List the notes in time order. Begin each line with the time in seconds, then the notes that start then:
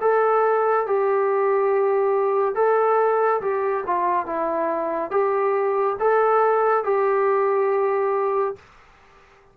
0.00 A4
0.86 G4
2.54 A4
3.41 G4
3.86 F4
4.25 E4
5.10 G4
5.99 A4
6.84 G4